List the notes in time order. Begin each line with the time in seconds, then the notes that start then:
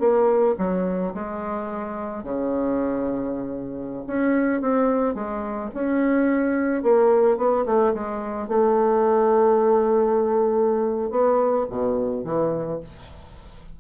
0.00 A#3
0.58 F#3
1.14 G#3
2.24 C#3
4.07 C#4
4.62 C4
5.15 G#3
5.74 C#4
6.83 A#3
7.38 B3
7.66 A3
7.94 G#3
8.48 A3
11.11 B3
11.70 B2
12.25 E3